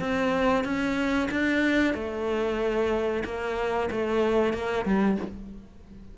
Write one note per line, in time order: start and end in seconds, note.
0.00 0.64 C4
0.64 1.29 C#4
1.31 1.94 D4
1.94 3.23 A3
3.25 3.89 A#3
3.91 4.53 A3
4.53 4.85 A#3
4.85 5.18 G3